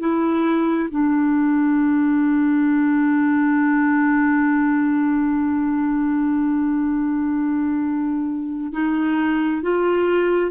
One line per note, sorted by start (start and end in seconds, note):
0.00 0.90 E4
0.91 8.73 D4
8.73 9.63 D#4
9.63 10.52 F4